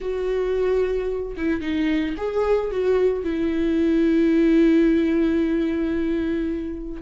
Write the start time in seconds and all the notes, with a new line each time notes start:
0.00 F#4
1.37 E4
1.61 D#4
2.17 G#4
2.71 F#4
3.23 E4